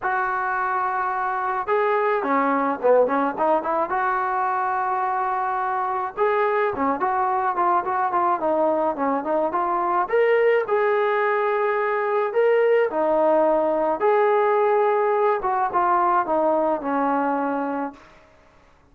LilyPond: \new Staff \with { instrumentName = "trombone" } { \time 4/4 \tempo 4 = 107 fis'2. gis'4 | cis'4 b8 cis'8 dis'8 e'8 fis'4~ | fis'2. gis'4 | cis'8 fis'4 f'8 fis'8 f'8 dis'4 |
cis'8 dis'8 f'4 ais'4 gis'4~ | gis'2 ais'4 dis'4~ | dis'4 gis'2~ gis'8 fis'8 | f'4 dis'4 cis'2 | }